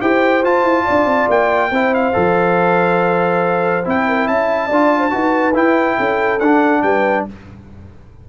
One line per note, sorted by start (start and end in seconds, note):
0.00 0.43 E4
0.00 0.43 G4
0.00 0.84 C5
0.00 0.44 G5
0.43 1.71 F4
0.43 0.63 F4
0.43 1.30 A5
0.63 0.84 E4
0.84 1.05 D4
0.84 1.69 D5
1.05 1.27 C4
1.28 1.71 A#3
1.28 1.94 G5
1.71 2.13 C4
1.71 2.13 E4
1.71 4.06 C5
1.94 3.86 F5
2.13 3.86 F3
2.13 3.83 A4
3.85 4.28 C4
3.85 4.70 E4
3.85 4.27 G5
4.07 4.27 A#4
4.27 4.70 C#4
4.27 4.67 E5
4.27 5.55 A5
4.67 5.13 D4
4.67 5.10 F4
4.67 4.99 D5
4.99 5.09 C5
5.10 5.55 D#4
5.10 5.53 F#4
5.10 5.97 B4
5.54 6.39 E4
5.54 5.98 E4
5.54 6.39 G5
5.97 6.40 C#4
5.97 6.82 A4
6.39 6.82 D4
6.39 7.29 D4
6.39 6.82 F#5
6.82 7.25 G3
6.82 7.27 B4
6.82 7.25 G5